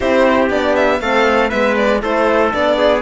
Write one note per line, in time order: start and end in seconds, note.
0.00 0.49 C4
0.00 0.49 E4
0.00 1.01 G4
0.00 0.49 C5
0.49 1.00 B3
0.49 1.00 D4
0.49 0.75 D5
0.75 1.00 E5
1.00 1.50 A3
1.00 1.51 C4
1.00 1.49 A4
1.00 1.49 F5
1.49 2.03 G#3
1.49 2.00 B3
1.49 1.99 B4
1.49 1.75 E5
1.76 2.01 D5
2.00 2.53 A3
2.00 2.50 E4
2.00 2.77 A4
2.00 2.53 C5
2.50 3.02 B3
2.50 3.01 D4
2.50 3.02 D5
2.77 3.02 G#4